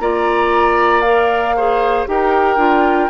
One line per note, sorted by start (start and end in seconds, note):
0.00 2.07 A#3
0.00 1.04 F4
0.00 1.56 D5
0.00 1.02 A#5
1.02 1.55 A#4
1.02 2.05 F5
1.56 2.07 G#4
1.56 2.08 C5
2.07 2.57 D#4
2.07 2.58 G4
2.07 3.11 A#4
2.07 3.11 G5
2.57 3.09 D4
2.57 3.09 F4